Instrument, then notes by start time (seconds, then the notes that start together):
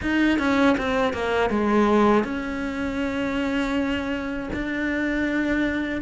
cello
0.02 D#4
0.39 C#4
0.77 C4
1.13 A#3
1.50 G#3
2.24 C#4
4.53 D4